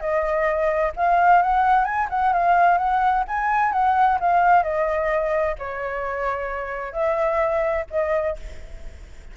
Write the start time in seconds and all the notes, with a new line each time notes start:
0.00 D#5
0.96 F5
1.42 F#5
1.85 G#5
2.10 F#5
2.33 F5
2.78 F#5
3.28 G#5
3.72 F#5
4.20 F5
4.63 D#5
5.58 C#5
6.93 E5
7.90 D#5